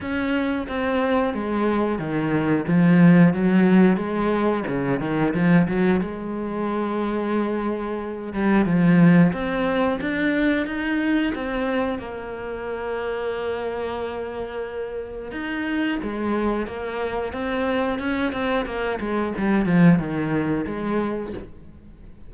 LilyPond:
\new Staff \with { instrumentName = "cello" } { \time 4/4 \tempo 4 = 90 cis'4 c'4 gis4 dis4 | f4 fis4 gis4 cis8 dis8 | f8 fis8 gis2.~ | gis8 g8 f4 c'4 d'4 |
dis'4 c'4 ais2~ | ais2. dis'4 | gis4 ais4 c'4 cis'8 c'8 | ais8 gis8 g8 f8 dis4 gis4 | }